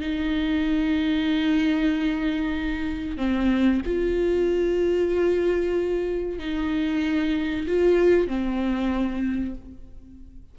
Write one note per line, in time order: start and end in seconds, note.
0.00 3.17 D#4
3.17 3.81 C4
3.85 6.38 F4
6.38 7.66 D#4
7.67 8.27 F4
8.27 9.55 C4